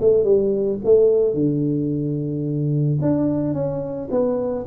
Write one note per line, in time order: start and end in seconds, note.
0.00 0.24 A3
0.24 0.79 G3
0.84 1.34 A3
1.34 2.99 D3
3.02 3.53 D4
3.53 4.08 C#4
4.11 4.66 B3